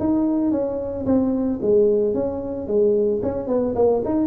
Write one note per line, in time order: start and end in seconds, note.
0.00 0.52 D#4
0.52 1.06 C#4
1.06 1.60 C4
1.62 2.14 G#3
2.14 2.68 C#4
2.68 3.22 G#3
3.23 3.48 C#4
3.48 3.75 B3
3.75 4.02 A#3
4.05 4.27 D#4